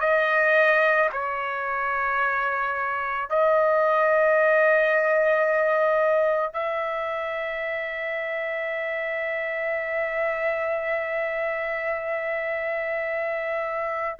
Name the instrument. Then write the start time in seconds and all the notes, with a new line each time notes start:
trumpet
0.00 D#5
1.12 C#5
3.29 D#5
6.53 E5